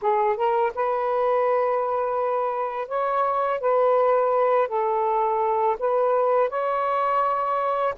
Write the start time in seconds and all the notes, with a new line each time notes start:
0.01 G#4
0.36 A#4
0.75 B4
2.88 C#5
3.60 B4
4.68 A4
5.79 B4
6.49 C#5